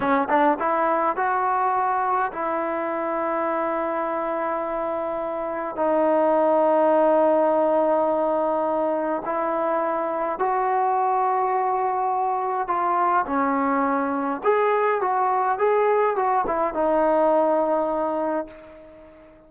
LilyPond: \new Staff \with { instrumentName = "trombone" } { \time 4/4 \tempo 4 = 104 cis'8 d'8 e'4 fis'2 | e'1~ | e'2 dis'2~ | dis'1 |
e'2 fis'2~ | fis'2 f'4 cis'4~ | cis'4 gis'4 fis'4 gis'4 | fis'8 e'8 dis'2. | }